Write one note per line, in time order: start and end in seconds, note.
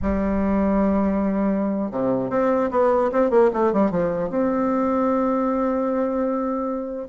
0.02 1.91 G3
1.91 2.30 C3
2.30 2.70 C4
2.70 3.10 B3
3.11 3.30 C4
3.30 3.50 A#3
3.53 3.72 A3
3.72 3.90 G3
3.90 4.29 F3
4.29 7.08 C4